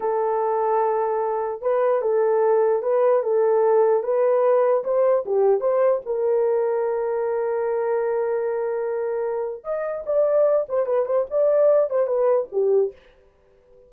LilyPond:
\new Staff \with { instrumentName = "horn" } { \time 4/4 \tempo 4 = 149 a'1 | b'4 a'2 b'4 | a'2 b'2 | c''4 g'4 c''4 ais'4~ |
ais'1~ | ais'1 | dis''4 d''4. c''8 b'8 c''8 | d''4. c''8 b'4 g'4 | }